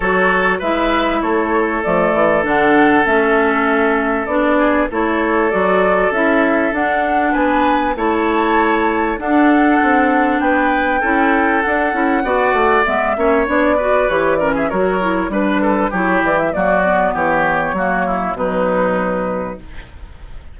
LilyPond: <<
  \new Staff \with { instrumentName = "flute" } { \time 4/4 \tempo 4 = 98 cis''4 e''4 cis''4 d''4 | fis''4 e''2 d''4 | cis''4 d''4 e''4 fis''4 | gis''4 a''2 fis''4~ |
fis''4 g''2 fis''4~ | fis''4 e''4 d''4 cis''8 d''16 e''16 | cis''4 b'4 cis''8 d''16 e''16 d''4 | cis''2 b'2 | }
  \new Staff \with { instrumentName = "oboe" } { \time 4/4 a'4 b'4 a'2~ | a'2.~ a'8 gis'8 | a'1 | b'4 cis''2 a'4~ |
a'4 b'4 a'2 | d''4. cis''4 b'4 ais'16 gis'16 | ais'4 b'8 a'8 g'4 fis'4 | g'4 fis'8 e'8 dis'2 | }
  \new Staff \with { instrumentName = "clarinet" } { \time 4/4 fis'4 e'2 a4 | d'4 cis'2 d'4 | e'4 fis'4 e'4 d'4~ | d'4 e'2 d'4~ |
d'2 e'4 d'8 e'8 | fis'4 b8 cis'8 d'8 fis'8 g'8 cis'8 | fis'8 e'8 d'4 e'4 ais8 b8~ | b4 ais4 fis2 | }
  \new Staff \with { instrumentName = "bassoon" } { \time 4/4 fis4 gis4 a4 f8 e8 | d4 a2 b4 | a4 fis4 cis'4 d'4 | b4 a2 d'4 |
c'4 b4 cis'4 d'8 cis'8 | b8 a8 gis8 ais8 b4 e4 | fis4 g4 fis8 e8 fis4 | e4 fis4 b,2 | }
>>